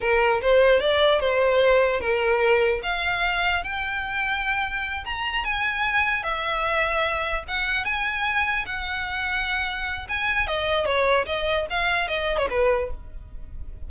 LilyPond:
\new Staff \with { instrumentName = "violin" } { \time 4/4 \tempo 4 = 149 ais'4 c''4 d''4 c''4~ | c''4 ais'2 f''4~ | f''4 g''2.~ | g''8 ais''4 gis''2 e''8~ |
e''2~ e''8 fis''4 gis''8~ | gis''4. fis''2~ fis''8~ | fis''4 gis''4 dis''4 cis''4 | dis''4 f''4 dis''8. cis''16 b'4 | }